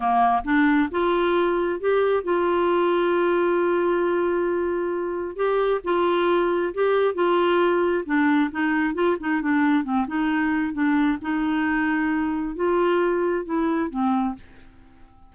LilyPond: \new Staff \with { instrumentName = "clarinet" } { \time 4/4 \tempo 4 = 134 ais4 d'4 f'2 | g'4 f'2.~ | f'1 | g'4 f'2 g'4 |
f'2 d'4 dis'4 | f'8 dis'8 d'4 c'8 dis'4. | d'4 dis'2. | f'2 e'4 c'4 | }